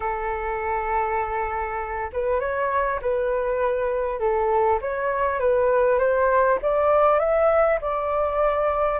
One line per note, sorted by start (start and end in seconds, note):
0.00 2.10 A4
2.12 2.39 B4
2.39 2.99 C#5
3.01 4.19 B4
4.19 4.79 A4
4.81 5.39 C#5
5.39 5.98 B4
5.98 6.58 C5
6.62 7.19 D5
7.19 7.79 E5
7.81 8.99 D5